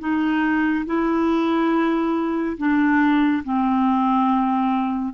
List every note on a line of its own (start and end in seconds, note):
0.00 0.86 D#4
0.86 2.58 E4
2.58 3.44 D4
3.44 5.14 C4